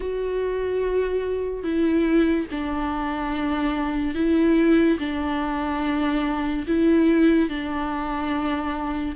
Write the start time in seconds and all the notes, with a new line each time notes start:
0.00 F#4
1.63 E4
2.51 D4
4.14 E4
4.99 D4
6.67 E4
7.48 D4